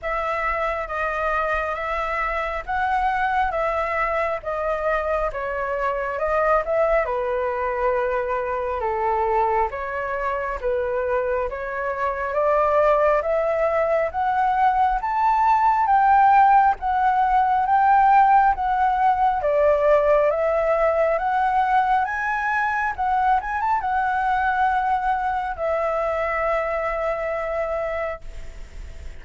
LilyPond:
\new Staff \with { instrumentName = "flute" } { \time 4/4 \tempo 4 = 68 e''4 dis''4 e''4 fis''4 | e''4 dis''4 cis''4 dis''8 e''8 | b'2 a'4 cis''4 | b'4 cis''4 d''4 e''4 |
fis''4 a''4 g''4 fis''4 | g''4 fis''4 d''4 e''4 | fis''4 gis''4 fis''8 gis''16 a''16 fis''4~ | fis''4 e''2. | }